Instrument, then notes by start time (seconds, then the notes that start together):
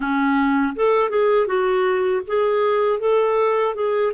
clarinet
0.00 C#4
0.75 A4
1.09 G#4
1.46 F#4
2.27 G#4
2.99 A4
3.74 G#4